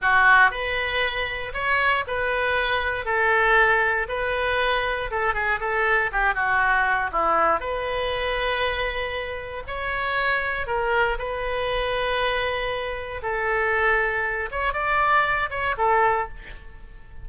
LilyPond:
\new Staff \with { instrumentName = "oboe" } { \time 4/4 \tempo 4 = 118 fis'4 b'2 cis''4 | b'2 a'2 | b'2 a'8 gis'8 a'4 | g'8 fis'4. e'4 b'4~ |
b'2. cis''4~ | cis''4 ais'4 b'2~ | b'2 a'2~ | a'8 cis''8 d''4. cis''8 a'4 | }